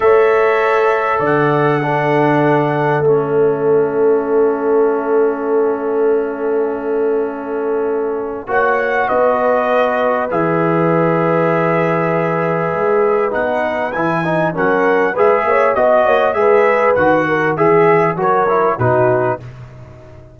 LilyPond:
<<
  \new Staff \with { instrumentName = "trumpet" } { \time 4/4 \tempo 4 = 99 e''2 fis''2~ | fis''4 e''2.~ | e''1~ | e''2 fis''4 dis''4~ |
dis''4 e''2.~ | e''2 fis''4 gis''4 | fis''4 e''4 dis''4 e''4 | fis''4 e''4 cis''4 b'4 | }
  \new Staff \with { instrumentName = "horn" } { \time 4/4 cis''2 d''4 a'4~ | a'1~ | a'1~ | a'2 cis''4 b'4~ |
b'1~ | b'1 | ais'4 b'8 cis''8 dis''8 cis''8 b'4~ | b'8 ais'8 gis'4 ais'4 fis'4 | }
  \new Staff \with { instrumentName = "trombone" } { \time 4/4 a'2. d'4~ | d'4 cis'2.~ | cis'1~ | cis'2 fis'2~ |
fis'4 gis'2.~ | gis'2 dis'4 e'8 dis'8 | cis'4 gis'4 fis'4 gis'4 | fis'4 gis'4 fis'8 e'8 dis'4 | }
  \new Staff \with { instrumentName = "tuba" } { \time 4/4 a2 d2~ | d4 a2.~ | a1~ | a2 ais4 b4~ |
b4 e2.~ | e4 gis4 b4 e4 | fis4 gis8 ais8 b8 ais8 gis4 | dis4 e4 fis4 b,4 | }
>>